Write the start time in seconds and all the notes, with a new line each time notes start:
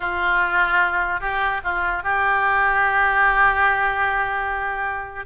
0.00 F4
1.20 G4
1.63 F4
2.03 G4